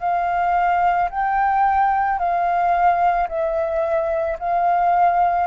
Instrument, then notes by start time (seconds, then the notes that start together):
flute
0.00 F5
1.10 G5
2.18 F5
3.28 E5
4.39 F5